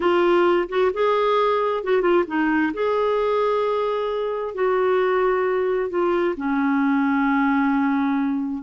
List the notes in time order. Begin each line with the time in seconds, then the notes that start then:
0.00 F4
0.68 F#4
0.93 G#4
1.83 F#4
2.01 F4
2.27 D#4
2.73 G#4
4.54 F#4
5.89 F4
6.36 C#4